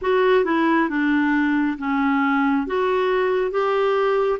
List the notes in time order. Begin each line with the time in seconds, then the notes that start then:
0.01 F#4
0.45 E4
0.89 D4
1.78 C#4
2.67 F#4
3.51 G4